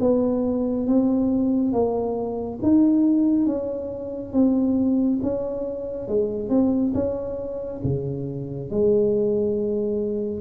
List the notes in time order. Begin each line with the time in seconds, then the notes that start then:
0.00 B3
0.87 C4
1.72 A#3
2.62 D#4
3.46 C#4
4.32 C4
5.22 C#4
6.08 G#3
6.49 C4
6.94 C#4
7.83 C#3
8.70 G#3